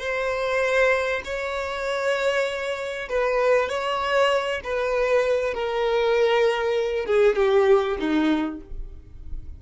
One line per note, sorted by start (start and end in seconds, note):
0.00 1.22 C5
1.25 3.09 C#5
3.09 3.69 B4
3.69 4.61 C#5
4.64 5.54 B4
5.54 7.06 A#4
7.06 7.36 G#4
7.36 7.97 G4
8.00 8.61 D#4